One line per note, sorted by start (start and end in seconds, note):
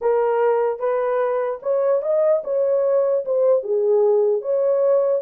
0.01 0.79 A#4
0.79 1.59 B4
1.62 2.02 C#5
2.02 2.42 D#5
2.44 3.24 C#5
3.25 3.63 C5
3.63 4.41 G#4
4.41 5.22 C#5